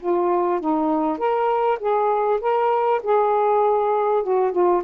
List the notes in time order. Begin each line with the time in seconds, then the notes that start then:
0.00 F4
0.60 D#4
1.18 A#4
1.80 G#4
2.41 A#4
3.03 G#4
4.23 F#4
4.52 F4